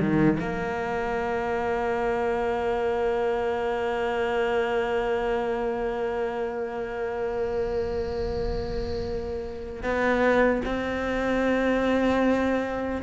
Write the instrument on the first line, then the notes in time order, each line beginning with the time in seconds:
cello
0.00 D#3
0.40 A#3
9.83 B3
10.65 C4